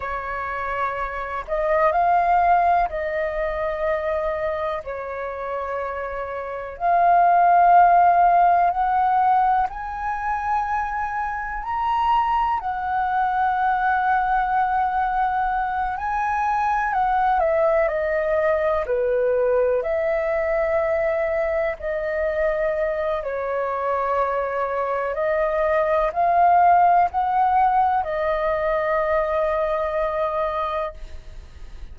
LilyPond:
\new Staff \with { instrumentName = "flute" } { \time 4/4 \tempo 4 = 62 cis''4. dis''8 f''4 dis''4~ | dis''4 cis''2 f''4~ | f''4 fis''4 gis''2 | ais''4 fis''2.~ |
fis''8 gis''4 fis''8 e''8 dis''4 b'8~ | b'8 e''2 dis''4. | cis''2 dis''4 f''4 | fis''4 dis''2. | }